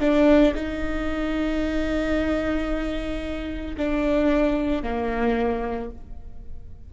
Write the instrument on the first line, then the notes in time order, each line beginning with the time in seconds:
viola
0.00 D4
0.55 D#4
3.77 D4
4.83 A#3